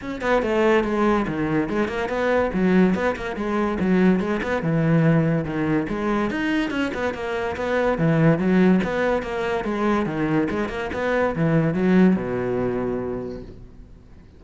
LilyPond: \new Staff \with { instrumentName = "cello" } { \time 4/4 \tempo 4 = 143 cis'8 b8 a4 gis4 dis4 | gis8 ais8 b4 fis4 b8 ais8 | gis4 fis4 gis8 b8 e4~ | e4 dis4 gis4 dis'4 |
cis'8 b8 ais4 b4 e4 | fis4 b4 ais4 gis4 | dis4 gis8 ais8 b4 e4 | fis4 b,2. | }